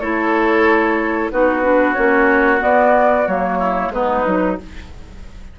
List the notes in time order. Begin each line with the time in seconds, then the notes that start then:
0.00 A3 E4 A4 C#5
1.31 B3 D#4 F#4 B4
1.63 D4
1.93 A#3 C#4 C#5
2.59 B3 D5
3.27 F#3 A#3 C#5
3.59 E4
3.89 G#3 B3 D#4 B4
4.25 F#3 D#4